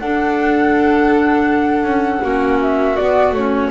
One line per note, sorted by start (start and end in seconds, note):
0.00 1.84 D4
0.00 2.23 D4
0.00 2.24 A4
0.00 2.59 F#5
1.84 2.21 C#4
2.23 2.98 A#3
2.23 2.97 C#4
2.23 3.71 F#4
2.62 2.97 E5
2.97 3.36 B3
2.97 3.32 B3
2.97 3.34 D5
3.32 3.69 A3
3.32 3.71 C#4
3.32 3.71 C#5